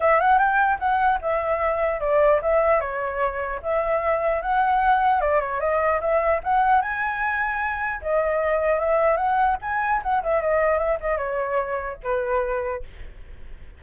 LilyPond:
\new Staff \with { instrumentName = "flute" } { \time 4/4 \tempo 4 = 150 e''8 fis''8 g''4 fis''4 e''4~ | e''4 d''4 e''4 cis''4~ | cis''4 e''2 fis''4~ | fis''4 d''8 cis''8 dis''4 e''4 |
fis''4 gis''2. | dis''2 e''4 fis''4 | gis''4 fis''8 e''8 dis''4 e''8 dis''8 | cis''2 b'2 | }